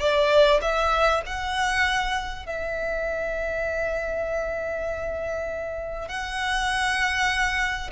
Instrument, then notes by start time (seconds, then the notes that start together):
violin
0.00 D5
0.62 E5
1.26 F#5
2.46 E5
6.09 F#5